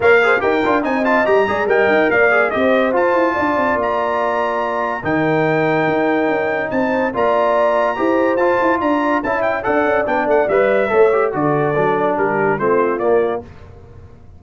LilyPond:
<<
  \new Staff \with { instrumentName = "trumpet" } { \time 4/4 \tempo 4 = 143 f''4 g''4 gis''8 a''8 ais''4 | g''4 f''4 dis''4 a''4~ | a''4 ais''2. | g''1 |
a''4 ais''2. | a''4 ais''4 a''8 g''8 fis''4 | g''8 fis''8 e''2 d''4~ | d''4 ais'4 c''4 d''4 | }
  \new Staff \with { instrumentName = "horn" } { \time 4/4 cis''8 c''8 ais'4 dis''4. d''8 | dis''4 d''4 c''2 | d''1 | ais'1 |
c''4 d''2 c''4~ | c''4 d''4 e''4 d''4~ | d''2 cis''4 a'4~ | a'4 g'4 f'2 | }
  \new Staff \with { instrumentName = "trombone" } { \time 4/4 ais'8 gis'8 g'8 f'8 dis'8 f'8 g'8 gis'8 | ais'4. gis'8 g'4 f'4~ | f'1 | dis'1~ |
dis'4 f'2 g'4 | f'2 e'4 a'4 | d'4 b'4 a'8 g'8 fis'4 | d'2 c'4 ais4 | }
  \new Staff \with { instrumentName = "tuba" } { \time 4/4 ais4 dis'8 d'8 c'4 g8 gis8 | g8 dis'8 ais4 c'4 f'8 e'8 | d'8 c'8 ais2. | dis2 dis'4 cis'4 |
c'4 ais2 e'4 | f'8 e'8 d'4 cis'4 d'8 cis'8 | b8 a8 g4 a4 d4 | fis4 g4 a4 ais4 | }
>>